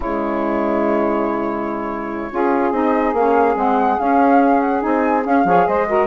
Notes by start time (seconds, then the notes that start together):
0.00 C#3 G#3 E4 C#5
2.31 C#4 F4 G#4
2.71 C4 D#4 D#5
3.13 A#3 C#4 F5
3.55 G#3 C4 F#5
3.99 C#4 F5
4.60 F#5
4.80 C4 D#4 G#5
5.24 C#4 F5
5.44 F3 G#4 C#5
5.66 G#3 C5 D#5
5.87 F#4 A#4